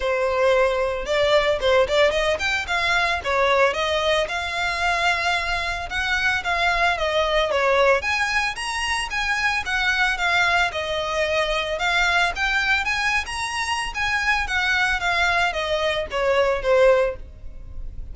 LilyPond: \new Staff \with { instrumentName = "violin" } { \time 4/4 \tempo 4 = 112 c''2 d''4 c''8 d''8 | dis''8 g''8 f''4 cis''4 dis''4 | f''2. fis''4 | f''4 dis''4 cis''4 gis''4 |
ais''4 gis''4 fis''4 f''4 | dis''2 f''4 g''4 | gis''8. ais''4~ ais''16 gis''4 fis''4 | f''4 dis''4 cis''4 c''4 | }